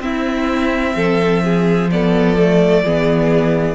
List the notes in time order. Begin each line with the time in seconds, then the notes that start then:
0.00 C4 E4 E5
0.96 F3 A4
1.44 G#4
1.91 B3 A4 D5
2.38 A3
2.83 E3 B3 G#4